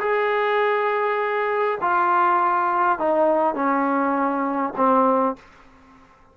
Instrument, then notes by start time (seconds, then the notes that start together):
trombone
0.00 G#4
1.81 F4
2.99 D#4
3.55 C#4
4.77 C4